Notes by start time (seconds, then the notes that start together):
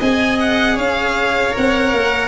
0.00 C4 G#4 D#5 G#5
0.40 F#5
0.75 C#4 C#5 F5
1.52 A#4 F#5
1.58 C4
1.93 A#3